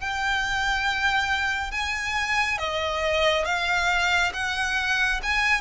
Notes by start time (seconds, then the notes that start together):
0.00 G5
1.71 G#5
2.58 D#5
3.45 F5
4.33 F#5
5.23 G#5